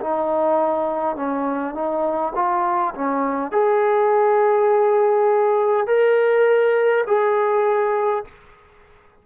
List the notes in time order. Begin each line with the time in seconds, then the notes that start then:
0.00 D#4
1.16 C#4
1.74 D#4
2.35 F4
2.95 C#4
3.51 G#4
5.87 A#4
7.07 G#4